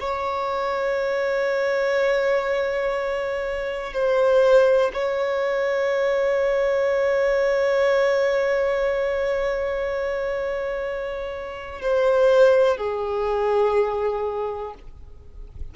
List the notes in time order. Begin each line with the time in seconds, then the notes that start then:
0.00 C#5
3.93 C5
4.94 C#5
11.82 C5
12.77 G#4